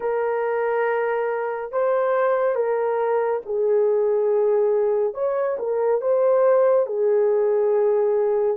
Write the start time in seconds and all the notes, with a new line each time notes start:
0.00 A#4
1.71 C5
2.55 A#4
3.45 G#4
5.14 C#5
5.59 A#4
6.01 C5
6.86 G#4